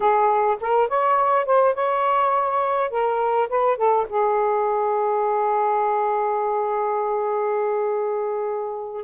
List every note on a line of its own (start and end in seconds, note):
0.00 0.57 G#4
0.60 0.88 A#4
0.88 1.45 C#5
1.45 1.74 C5
1.74 2.90 C#5
2.90 3.48 A#4
3.49 3.77 B4
3.77 4.06 A4
4.09 9.03 G#4